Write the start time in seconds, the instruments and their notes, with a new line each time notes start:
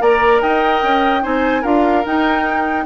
0.00 bassoon A#3, clarinet A#4, oboe D5, flute A#5
0.42 bassoon D#4, oboe D#5, flute G5
0.83 bassoon C#4
1.22 bassoon C4, clarinet D#4, oboe C5, flute G#5
1.62 bassoon D4, clarinet F4, oboe A#4, flute F5
2.04 clarinet D#4, bassoon D#4, flute G5